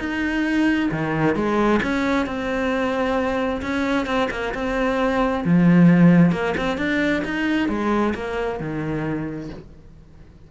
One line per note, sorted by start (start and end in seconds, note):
0.00 0.90 D#4
0.92 1.36 D#3
1.36 1.81 G#3
1.83 2.27 C#4
2.27 3.62 C4
3.62 4.07 C#4
4.07 4.29 C4
4.31 4.54 A#3
4.54 5.45 C4
5.45 6.32 F3
6.32 6.55 A#3
6.57 6.78 C4
6.78 7.23 D4
7.25 7.69 D#4
7.69 8.14 G#3
8.15 8.60 A#3
8.60 9.50 D#3